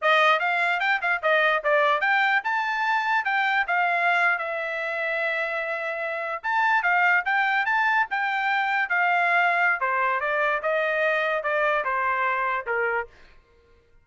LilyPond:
\new Staff \with { instrumentName = "trumpet" } { \time 4/4 \tempo 4 = 147 dis''4 f''4 g''8 f''8 dis''4 | d''4 g''4 a''2 | g''4 f''4.~ f''16 e''4~ e''16~ | e''2.~ e''8. a''16~ |
a''8. f''4 g''4 a''4 g''16~ | g''4.~ g''16 f''2~ f''16 | c''4 d''4 dis''2 | d''4 c''2 ais'4 | }